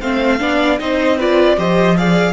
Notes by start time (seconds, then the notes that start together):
0.00 A3 C4 C5 F5
0.39 B3 D4 D5
0.79 C4 D#4 C5 D#5
1.17 F4 B4 D5
1.57 F3 G4 C5 D#5
1.97 G#4 D5 F5